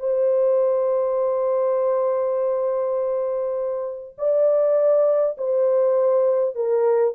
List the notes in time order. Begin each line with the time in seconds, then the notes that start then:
0.00 C5
4.19 D5
5.38 C5
6.55 A#4